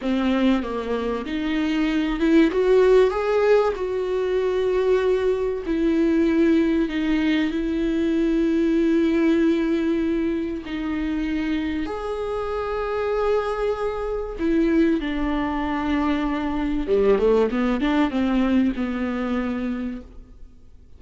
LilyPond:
\new Staff \with { instrumentName = "viola" } { \time 4/4 \tempo 4 = 96 c'4 ais4 dis'4. e'8 | fis'4 gis'4 fis'2~ | fis'4 e'2 dis'4 | e'1~ |
e'4 dis'2 gis'4~ | gis'2. e'4 | d'2. g8 a8 | b8 d'8 c'4 b2 | }